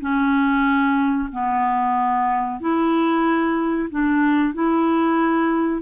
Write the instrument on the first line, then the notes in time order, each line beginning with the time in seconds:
clarinet
0.00 C#4
1.32 B3
2.60 E4
3.90 D4
4.54 E4